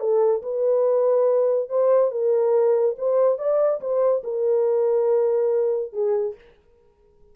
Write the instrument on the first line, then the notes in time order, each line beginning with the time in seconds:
horn
0.00 A4
0.42 B4
1.69 C5
2.11 A#4
2.98 C5
3.38 D5
3.81 C5
4.24 A#4
5.93 G#4